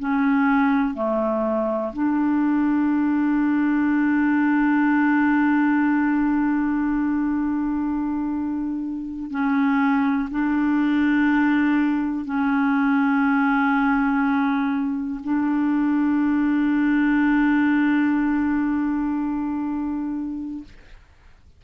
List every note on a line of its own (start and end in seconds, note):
0.00 0.94 C#4
0.94 1.93 A3
1.94 9.31 D4
9.31 10.30 C#4
10.31 12.25 D4
12.25 15.21 C#4
15.24 20.65 D4